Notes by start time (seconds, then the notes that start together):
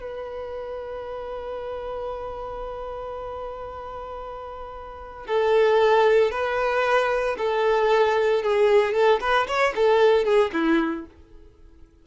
0.00 B4
5.27 A4
6.31 B4
7.38 A4
8.43 G#4
8.93 A4
9.21 B4
9.47 C#5
9.75 A4
10.24 G#4
10.53 E4